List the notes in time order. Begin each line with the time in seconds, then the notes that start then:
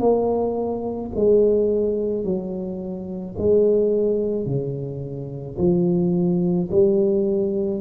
0.00 A#3
1.16 G#3
2.25 F#3
3.38 G#3
4.46 C#3
5.59 F3
6.71 G3